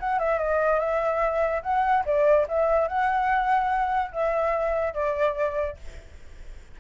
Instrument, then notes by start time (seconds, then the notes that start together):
flute
0.00 F#5
0.19 E5
0.39 D#5
0.80 E5
1.63 F#5
2.05 D5
2.48 E5
2.88 F#5
4.12 E5
4.94 D5